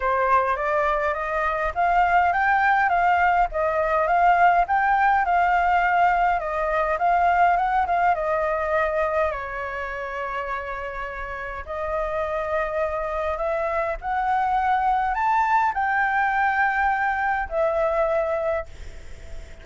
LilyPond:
\new Staff \with { instrumentName = "flute" } { \time 4/4 \tempo 4 = 103 c''4 d''4 dis''4 f''4 | g''4 f''4 dis''4 f''4 | g''4 f''2 dis''4 | f''4 fis''8 f''8 dis''2 |
cis''1 | dis''2. e''4 | fis''2 a''4 g''4~ | g''2 e''2 | }